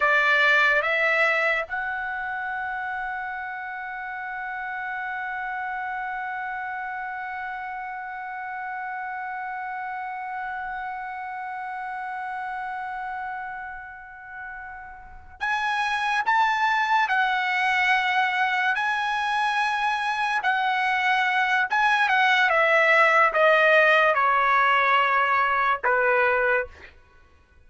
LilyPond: \new Staff \with { instrumentName = "trumpet" } { \time 4/4 \tempo 4 = 72 d''4 e''4 fis''2~ | fis''1~ | fis''1~ | fis''1~ |
fis''2~ fis''8 gis''4 a''8~ | a''8 fis''2 gis''4.~ | gis''8 fis''4. gis''8 fis''8 e''4 | dis''4 cis''2 b'4 | }